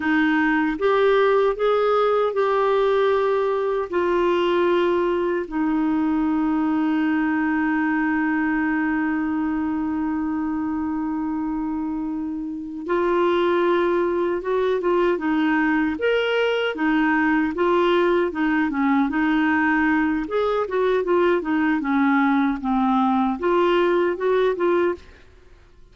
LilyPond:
\new Staff \with { instrumentName = "clarinet" } { \time 4/4 \tempo 4 = 77 dis'4 g'4 gis'4 g'4~ | g'4 f'2 dis'4~ | dis'1~ | dis'1~ |
dis'8 f'2 fis'8 f'8 dis'8~ | dis'8 ais'4 dis'4 f'4 dis'8 | cis'8 dis'4. gis'8 fis'8 f'8 dis'8 | cis'4 c'4 f'4 fis'8 f'8 | }